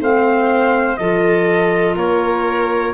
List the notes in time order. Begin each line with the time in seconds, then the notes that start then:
0.00 A3 C4 C5 F5
0.97 F3 F4 A4 D#5
1.96 A#3 A#4 C#5